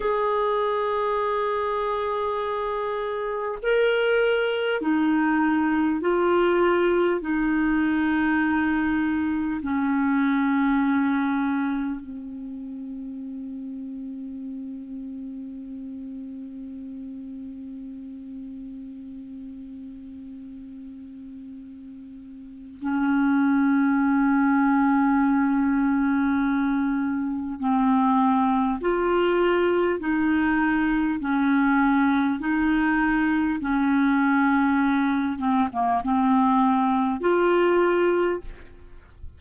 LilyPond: \new Staff \with { instrumentName = "clarinet" } { \time 4/4 \tempo 4 = 50 gis'2. ais'4 | dis'4 f'4 dis'2 | cis'2 c'2~ | c'1~ |
c'2. cis'4~ | cis'2. c'4 | f'4 dis'4 cis'4 dis'4 | cis'4. c'16 ais16 c'4 f'4 | }